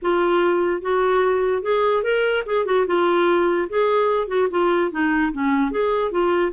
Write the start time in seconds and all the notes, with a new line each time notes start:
0.02 F4
0.81 F#4
1.62 G#4
2.03 A#4
2.46 G#4
2.65 F#4
2.86 F4
3.69 G#4
4.27 F#4
4.50 F4
4.91 D#4
5.32 C#4
5.71 G#4
6.11 F4